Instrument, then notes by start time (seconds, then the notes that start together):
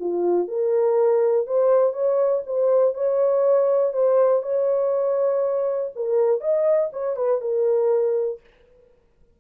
horn
0.00 F4
0.48 A#4
1.47 C5
1.93 C#5
2.47 C5
2.94 C#5
3.93 C5
4.43 C#5
5.96 A#4
6.41 D#5
6.93 C#5
7.17 B4
7.41 A#4